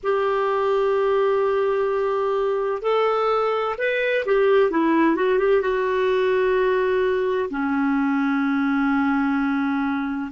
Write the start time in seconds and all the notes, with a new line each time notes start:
0.03 G4
2.81 A4
3.78 B4
4.25 G4
4.70 E4
5.16 F#4
5.38 G4
5.61 F#4
7.50 C#4